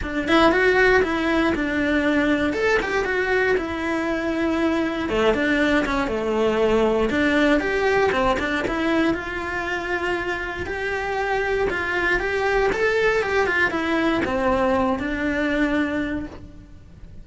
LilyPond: \new Staff \with { instrumentName = "cello" } { \time 4/4 \tempo 4 = 118 d'8 e'8 fis'4 e'4 d'4~ | d'4 a'8 g'8 fis'4 e'4~ | e'2 a8 d'4 cis'8 | a2 d'4 g'4 |
c'8 d'8 e'4 f'2~ | f'4 g'2 f'4 | g'4 a'4 g'8 f'8 e'4 | c'4. d'2~ d'8 | }